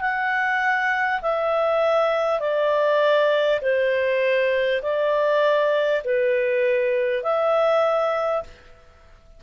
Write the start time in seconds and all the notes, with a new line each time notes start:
0.00 F#5
1.21 E5
2.39 D5
3.61 C5
4.82 D5
6.04 B4
7.23 E5